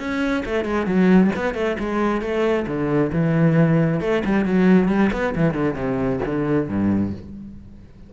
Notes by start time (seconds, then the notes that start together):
0.00 C#4
0.46 A3
0.65 G#3
0.87 F#3
1.36 B3
1.55 A3
1.80 G#3
2.22 A3
2.67 D3
3.13 E3
4.01 A3
4.25 G3
4.46 F#3
4.89 G3
5.13 B3
5.36 E3
5.55 D3
5.75 C3
6.26 D3
6.69 G2